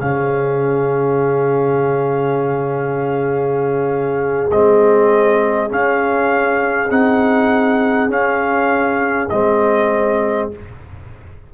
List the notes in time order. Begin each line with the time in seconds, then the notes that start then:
0.00 C#3 C#4 G#4 F5
4.51 G#3 C4 D#5
5.69 C#4 F5
6.90 C4 D#4 F#5
8.09 C#4 F5
9.29 G#3 C4 D#5